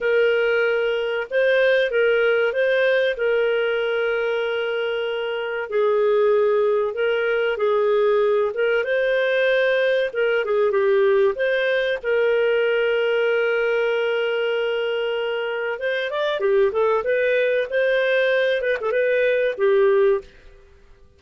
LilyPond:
\new Staff \with { instrumentName = "clarinet" } { \time 4/4 \tempo 4 = 95 ais'2 c''4 ais'4 | c''4 ais'2.~ | ais'4 gis'2 ais'4 | gis'4. ais'8 c''2 |
ais'8 gis'8 g'4 c''4 ais'4~ | ais'1~ | ais'4 c''8 d''8 g'8 a'8 b'4 | c''4. b'16 a'16 b'4 g'4 | }